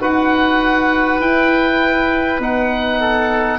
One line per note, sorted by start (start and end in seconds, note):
0.00 1.20 D#4
0.00 1.21 F#4
0.00 3.00 B4
0.00 1.21 F#5
1.20 2.39 E4
1.20 2.41 E4
1.20 2.41 G5
2.39 3.58 B3
2.39 3.58 D#4
2.39 3.58 F#5
3.00 3.58 A4